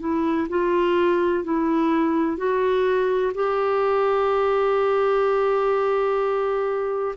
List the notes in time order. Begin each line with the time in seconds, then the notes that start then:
0.00 E4
0.49 F4
1.44 E4
2.38 F#4
3.35 G4